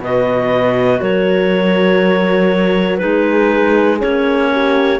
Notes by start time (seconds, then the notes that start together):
0.00 B2 F#4 B4 D#5
1.01 F#3 A#4 C#5
2.98 G#3 D#4 G#4 B4
3.99 A#3 C#4 C#5
4.53 G4